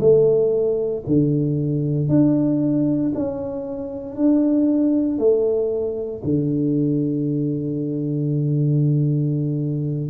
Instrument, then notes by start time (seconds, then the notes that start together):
tuba
0.00 A3
1.07 D3
2.09 D4
3.15 C#4
4.16 D4
5.19 A3
6.24 D3